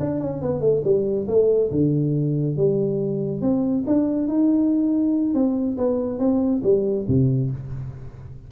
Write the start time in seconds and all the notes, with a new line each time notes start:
0.00 D4
0.20 C#4
0.42 B3
0.61 A3
0.85 G3
1.28 A3
1.71 D3
2.57 G3
3.42 C4
3.87 D4
4.28 D#4
5.34 C4
5.77 B3
6.19 C4
6.63 G3
7.08 C3